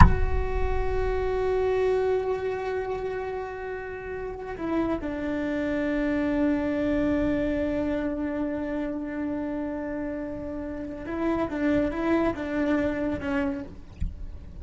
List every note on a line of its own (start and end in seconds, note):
0.00 4.56 F#4
4.56 4.99 E4
5.01 11.05 D4
11.05 11.48 E4
11.50 11.91 D4
11.91 12.33 E4
12.34 13.20 D4
13.20 13.63 C#4